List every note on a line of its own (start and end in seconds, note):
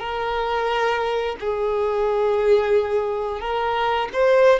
0.00 1.36 A#4
1.40 3.41 G#4
3.41 4.09 A#4
4.13 4.60 C5